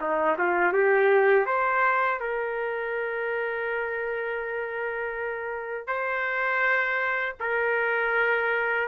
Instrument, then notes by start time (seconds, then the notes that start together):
trumpet
0.00 D#4
0.38 F4
0.72 G4
1.45 C5
2.20 A#4
5.87 C5
7.40 A#4